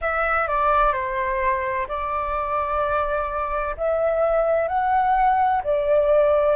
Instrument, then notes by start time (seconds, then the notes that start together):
flute
0.01 E5
0.47 D5
0.92 C5
1.87 D5
3.77 E5
4.68 F#5
5.63 D5